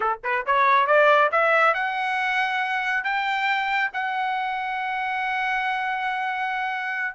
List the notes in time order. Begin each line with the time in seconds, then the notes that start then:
0.00 A4
0.23 B4
0.46 C#5
0.86 D5
1.31 E5
1.74 F#5
3.04 G5
3.93 F#5